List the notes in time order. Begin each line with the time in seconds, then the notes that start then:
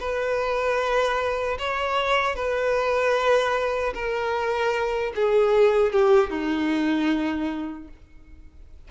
0.00 B4
1.59 C#5
2.35 B4
3.94 A#4
5.15 G#4
5.92 G4
6.31 D#4